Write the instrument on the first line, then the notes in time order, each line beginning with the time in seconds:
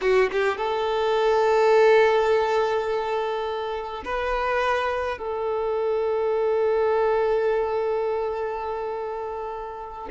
violin
0.01 F#4
0.32 G4
0.57 A4
4.04 B4
5.18 A4